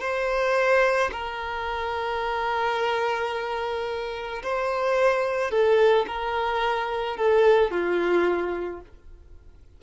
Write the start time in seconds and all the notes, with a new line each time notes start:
0.00 C5
1.12 A#4
4.43 C5
5.50 A4
6.07 A#4
7.17 A4
7.71 F4